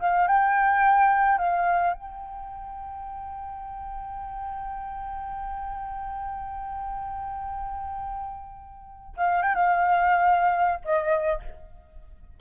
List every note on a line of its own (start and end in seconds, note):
0.00 0.28 F5
0.28 1.38 G5
1.38 1.93 F5
1.93 9.15 G5
9.17 9.43 F5
9.43 9.55 G5
9.55 10.80 F5
10.85 11.40 D#5